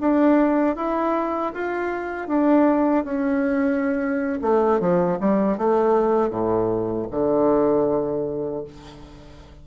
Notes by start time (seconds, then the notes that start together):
0.00 D4
0.76 E4
1.53 F4
2.27 D4
3.04 C#4
4.41 A3
4.80 F3
5.20 G3
5.57 A3
6.30 A2
7.10 D3